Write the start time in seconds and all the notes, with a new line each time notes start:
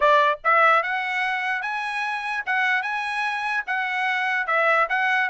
0.00 D5
0.43 E5
0.82 F#5
1.62 G#5
2.45 F#5
2.82 G#5
3.67 F#5
4.46 E5
4.89 F#5